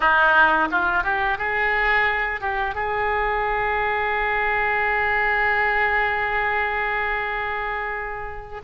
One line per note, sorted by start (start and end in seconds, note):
0.00 0.68 D#4
0.71 1.03 F4
1.03 1.38 G4
1.38 2.40 G#4
2.40 2.75 G4
2.75 8.61 G#4